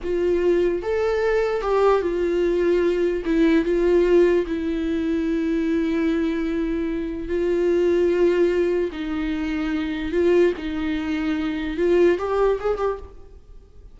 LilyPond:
\new Staff \with { instrumentName = "viola" } { \time 4/4 \tempo 4 = 148 f'2 a'2 | g'4 f'2. | e'4 f'2 e'4~ | e'1~ |
e'2 f'2~ | f'2 dis'2~ | dis'4 f'4 dis'2~ | dis'4 f'4 g'4 gis'8 g'8 | }